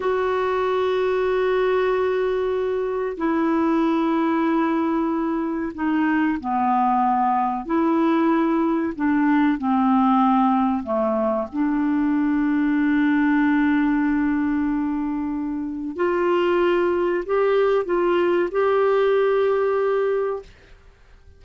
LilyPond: \new Staff \with { instrumentName = "clarinet" } { \time 4/4 \tempo 4 = 94 fis'1~ | fis'4 e'2.~ | e'4 dis'4 b2 | e'2 d'4 c'4~ |
c'4 a4 d'2~ | d'1~ | d'4 f'2 g'4 | f'4 g'2. | }